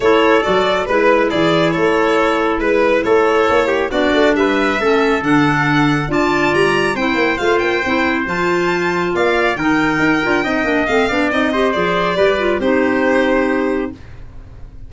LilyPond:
<<
  \new Staff \with { instrumentName = "violin" } { \time 4/4 \tempo 4 = 138 cis''4 d''4 b'4 d''4 | cis''2 b'4 cis''4~ | cis''4 d''4 e''2 | fis''2 a''4 ais''4 |
g''4 f''8 g''4. a''4~ | a''4 f''4 g''2~ | g''4 f''4 dis''4 d''4~ | d''4 c''2. | }
  \new Staff \with { instrumentName = "trumpet" } { \time 4/4 a'2 b'4 gis'4 | a'2 b'4 a'4~ | a'8 g'8 fis'4 b'4 a'4~ | a'2 d''2 |
c''1~ | c''4 d''4 ais'2 | dis''4. d''4 c''4. | b'4 g'2. | }
  \new Staff \with { instrumentName = "clarinet" } { \time 4/4 e'4 fis'4 e'2~ | e'1~ | e'4 d'2 cis'4 | d'2 f'2 |
e'4 f'4 e'4 f'4~ | f'2 dis'4. f'8 | dis'8 d'8 c'8 d'8 dis'8 g'8 gis'4 | g'8 f'8 dis'2. | }
  \new Staff \with { instrumentName = "tuba" } { \time 4/4 a4 fis4 gis4 e4 | a2 gis4 a4 | ais4 b8 a8 g4 a4 | d2 d'4 g4 |
c'8 ais8 a8 ais8 c'4 f4~ | f4 ais4 dis4 dis'8 d'8 | c'8 ais8 a8 b8 c'4 f4 | g4 c'2. | }
>>